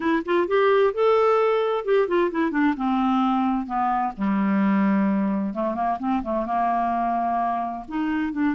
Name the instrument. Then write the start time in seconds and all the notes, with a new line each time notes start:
clarinet
0.00 E4
0.25 F4
0.47 G4
0.93 A4
1.84 G4
2.07 F4
2.31 E4
2.51 D4
2.76 C4
3.66 B3
4.16 G3
5.54 A3
5.74 A#3
5.99 C4
6.22 A3
6.46 A#3
7.88 D#4
8.32 D4